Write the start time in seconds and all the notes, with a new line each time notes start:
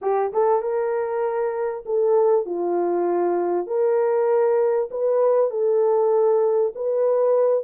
0.01 G4
0.33 A4
0.62 A#4
1.85 A4
2.45 F4
3.67 A#4
4.90 B4
5.50 A4
6.75 B4